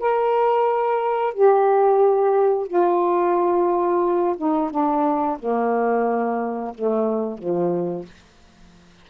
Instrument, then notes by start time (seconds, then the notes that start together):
saxophone
0.00 A#4
1.34 G4
2.68 F4
4.38 D#4
4.71 D4
5.39 A#3
6.75 A3
7.39 F3